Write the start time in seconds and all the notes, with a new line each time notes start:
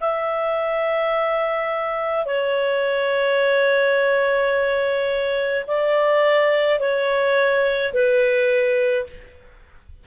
0.00 E5
2.25 C#5
5.67 D5
6.79 C#5
7.92 B4